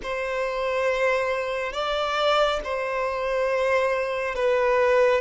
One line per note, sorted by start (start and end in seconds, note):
0.02 1.72 C5
1.72 2.59 D5
2.63 4.35 C5
4.35 5.21 B4